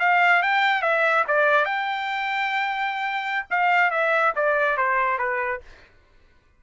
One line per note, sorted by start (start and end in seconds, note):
0.00 0.43 F5
0.43 0.82 G5
0.82 1.25 E5
1.28 1.65 D5
1.65 3.46 G5
3.50 3.91 F5
3.91 4.33 E5
4.36 4.78 D5
4.78 5.19 C5
5.19 5.61 B4